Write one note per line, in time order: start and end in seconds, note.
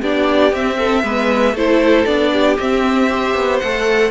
0.00 0.52 B3
0.00 0.51 D4
0.00 0.77 G4
0.00 0.54 D5
0.51 1.02 C4
0.51 1.03 C4
0.51 1.56 E5
0.78 1.03 A4
1.03 1.53 G#3
1.03 1.55 B3
1.03 1.54 B4
1.53 2.04 A3
1.53 2.06 E4
1.53 2.31 A4
1.53 2.05 C5
2.05 2.57 B3
2.05 2.57 D4
2.05 2.57 D5
2.32 3.09 G4
2.57 3.35 C4
2.57 3.09 C4
2.57 3.59 E5
3.09 3.60 G4
3.09 4.10 C5
3.35 3.60 B3
3.59 4.10 A3
3.59 4.10 A4
3.59 4.10 F#5